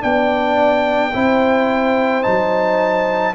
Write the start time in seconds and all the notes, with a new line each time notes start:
0.00 B3 D4 D5 G5
1.13 C4 E4 C5
2.22 F#3 D#4 A5